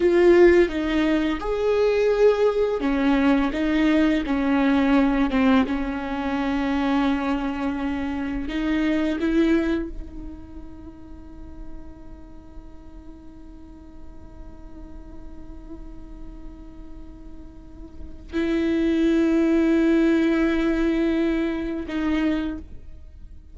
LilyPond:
\new Staff \with { instrumentName = "viola" } { \time 4/4 \tempo 4 = 85 f'4 dis'4 gis'2 | cis'4 dis'4 cis'4. c'8 | cis'1 | dis'4 e'4 dis'2~ |
dis'1~ | dis'1~ | dis'2 e'2~ | e'2. dis'4 | }